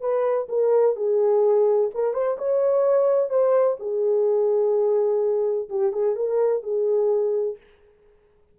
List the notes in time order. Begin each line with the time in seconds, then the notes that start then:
0.00 B4
0.48 A#4
0.96 G#4
1.94 A#4
2.13 C5
2.38 C#5
3.29 C5
3.79 G#4
5.69 G4
5.92 G#4
6.15 A#4
6.62 G#4